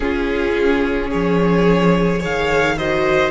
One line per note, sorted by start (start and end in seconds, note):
0.00 2.20 C#4
0.00 1.11 C#4
0.00 1.09 F4
0.00 1.10 G#4
1.09 2.23 F3
1.09 2.19 G#4
1.09 2.22 C#5
2.19 3.30 D#3
2.19 2.75 G#4
2.19 2.75 C#5
2.19 2.78 F5
2.77 3.30 F#4
2.77 3.30 C5
2.77 3.30 D#5